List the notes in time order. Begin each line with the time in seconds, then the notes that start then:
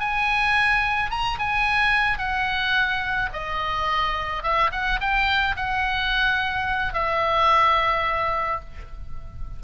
0.00 G#5
1.11 A#5
1.39 G#5
2.19 F#5
3.33 D#5
4.43 E5
4.72 F#5
5.01 G5
5.57 F#5
6.94 E5